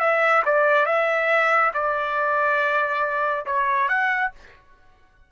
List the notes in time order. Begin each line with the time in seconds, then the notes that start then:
0.00 E5
0.46 D5
0.86 E5
1.74 D5
3.46 C#5
3.89 F#5